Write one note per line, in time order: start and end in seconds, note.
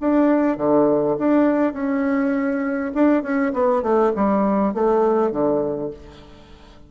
0.00 0.57 D4
0.57 1.16 D3
1.18 1.73 D4
1.73 2.92 C#4
2.94 3.22 D4
3.22 3.52 C#4
3.53 3.82 B3
3.82 4.12 A3
4.15 4.74 G3
4.74 5.31 A3
5.31 5.90 D3